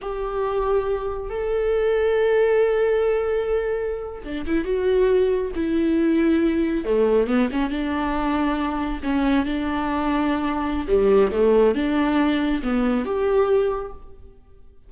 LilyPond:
\new Staff \with { instrumentName = "viola" } { \time 4/4 \tempo 4 = 138 g'2. a'4~ | a'1~ | a'4.~ a'16 d'8 e'8 fis'4~ fis'16~ | fis'8. e'2. a16~ |
a8. b8 cis'8 d'2~ d'16~ | d'8. cis'4 d'2~ d'16~ | d'4 g4 a4 d'4~ | d'4 b4 g'2 | }